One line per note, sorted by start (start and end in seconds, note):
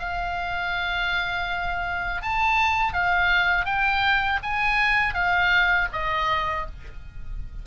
0.00 2.22 F5
2.22 2.93 A5
2.93 3.66 F5
3.66 4.40 G5
4.43 5.14 G#5
5.14 5.88 F5
5.93 6.67 D#5